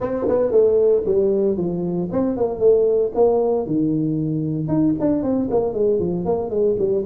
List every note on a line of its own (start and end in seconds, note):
0.00 0.26 C4
0.28 0.51 B3
0.51 1.03 A3
1.05 1.57 G3
1.57 2.09 F3
2.11 2.36 C4
2.36 2.59 A#3
2.59 3.11 A3
3.14 3.66 A#3
3.66 4.67 D#3
4.67 4.94 D#4
4.99 5.22 D4
5.22 5.48 C4
5.50 5.73 A#3
5.73 5.99 G#3
5.99 6.25 F3
6.25 6.50 A#3
6.50 6.76 G#3
6.78 7.04 G3